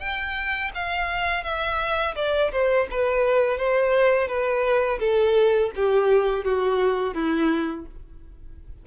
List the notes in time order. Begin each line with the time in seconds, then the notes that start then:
0.00 G5
0.75 F5
1.44 E5
2.16 D5
2.52 C5
2.91 B4
3.58 C5
4.28 B4
5.00 A4
5.76 G4
6.45 F#4
7.15 E4